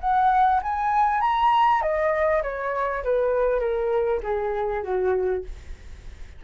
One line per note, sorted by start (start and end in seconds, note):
0.00 0.61 F#5
0.62 1.21 G#5
1.21 1.81 A#5
1.81 2.42 D#5
2.42 3.03 C#5
3.03 3.59 B4
3.59 4.20 A#4
4.23 4.83 G#4
4.83 5.43 F#4